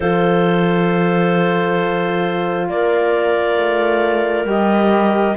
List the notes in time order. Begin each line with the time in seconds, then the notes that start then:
0.00 F3 F4 A4 C5
2.68 A#3 A#4 D5
3.57 A3
4.44 G3 G4 D#5